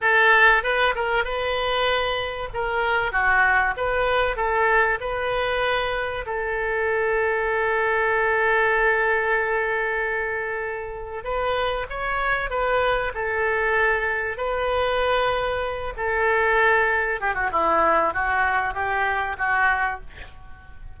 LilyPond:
\new Staff \with { instrumentName = "oboe" } { \time 4/4 \tempo 4 = 96 a'4 b'8 ais'8 b'2 | ais'4 fis'4 b'4 a'4 | b'2 a'2~ | a'1~ |
a'2 b'4 cis''4 | b'4 a'2 b'4~ | b'4. a'2 g'16 fis'16 | e'4 fis'4 g'4 fis'4 | }